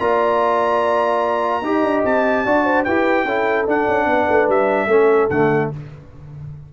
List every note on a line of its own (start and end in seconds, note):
0.00 1.62 A#3
0.00 1.63 F4
0.00 1.64 D5
0.00 2.04 A#5
1.62 1.83 D#4
1.62 2.46 G4
1.62 2.45 D#5
1.83 2.04 D4
2.05 2.45 C4
2.05 2.85 A5
2.45 2.87 D4
2.45 2.87 F#4
2.45 2.64 D5
2.64 2.85 C5
2.85 3.25 E4
2.85 3.28 G4
2.85 3.25 B4
2.85 3.66 G5
3.25 3.66 C#4
3.25 3.67 E4
3.25 4.07 A4
3.67 3.87 D4
3.67 4.89 D4
3.67 4.50 F#5
3.88 4.06 C#4
4.06 4.27 B3
4.06 4.87 B4
4.30 4.48 A3
4.48 4.87 G3
4.48 5.30 E5
4.87 5.28 A3
4.87 5.30 C#4
4.87 5.69 A4
5.30 5.71 D3
5.30 5.73 A3
5.30 5.71 F#5